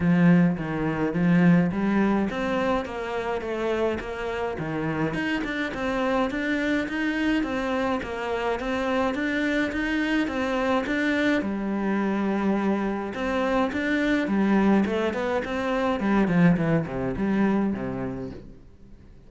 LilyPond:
\new Staff \with { instrumentName = "cello" } { \time 4/4 \tempo 4 = 105 f4 dis4 f4 g4 | c'4 ais4 a4 ais4 | dis4 dis'8 d'8 c'4 d'4 | dis'4 c'4 ais4 c'4 |
d'4 dis'4 c'4 d'4 | g2. c'4 | d'4 g4 a8 b8 c'4 | g8 f8 e8 c8 g4 c4 | }